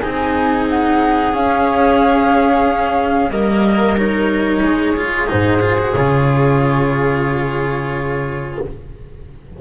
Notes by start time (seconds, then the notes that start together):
0.00 C4 D#4 G#4 G#5
0.69 F#5
1.33 C#4 F5
3.29 G3 A#3 A#4 D#5
3.97 D#4 C#5
4.62 G#3 G#4
4.96 F4
5.27 G#2 D#4 C5
5.61 F4
5.78 F#4
5.94 C#3 F4 C#5